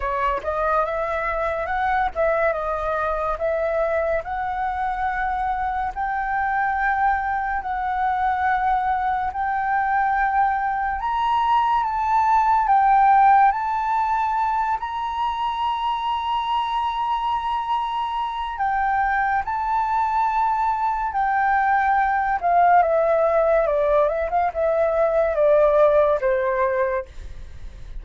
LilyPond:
\new Staff \with { instrumentName = "flute" } { \time 4/4 \tempo 4 = 71 cis''8 dis''8 e''4 fis''8 e''8 dis''4 | e''4 fis''2 g''4~ | g''4 fis''2 g''4~ | g''4 ais''4 a''4 g''4 |
a''4. ais''2~ ais''8~ | ais''2 g''4 a''4~ | a''4 g''4. f''8 e''4 | d''8 e''16 f''16 e''4 d''4 c''4 | }